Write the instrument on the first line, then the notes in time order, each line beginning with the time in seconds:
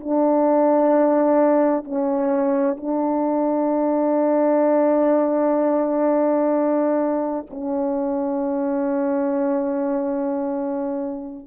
horn
0.00 D4
1.84 C#4
2.77 D4
7.50 C#4